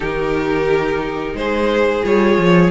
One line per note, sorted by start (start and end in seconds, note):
0.00 1.34 D#3
0.00 2.03 D#4
0.00 1.35 G4
0.00 1.36 A#4
1.34 2.02 G#3
1.34 2.70 G#4
1.34 2.04 C5
2.03 2.38 G3
2.03 2.70 F4
2.03 2.70 C#5
2.38 2.70 F3